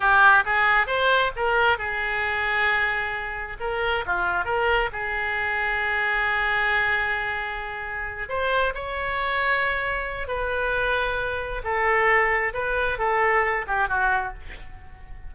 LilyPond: \new Staff \with { instrumentName = "oboe" } { \time 4/4 \tempo 4 = 134 g'4 gis'4 c''4 ais'4 | gis'1 | ais'4 f'4 ais'4 gis'4~ | gis'1~ |
gis'2~ gis'8 c''4 cis''8~ | cis''2. b'4~ | b'2 a'2 | b'4 a'4. g'8 fis'4 | }